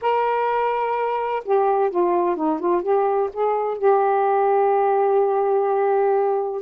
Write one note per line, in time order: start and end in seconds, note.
0.01 1.43 A#4
1.44 1.90 G4
1.90 2.36 F4
2.36 2.59 D#4
2.59 2.82 F4
2.82 3.29 G4
3.33 3.78 G#4
3.78 6.61 G4